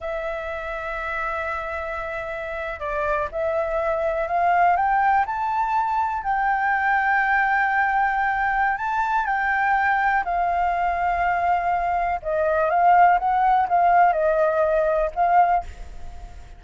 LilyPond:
\new Staff \with { instrumentName = "flute" } { \time 4/4 \tempo 4 = 123 e''1~ | e''4.~ e''16 d''4 e''4~ e''16~ | e''8. f''4 g''4 a''4~ a''16~ | a''8. g''2.~ g''16~ |
g''2 a''4 g''4~ | g''4 f''2.~ | f''4 dis''4 f''4 fis''4 | f''4 dis''2 f''4 | }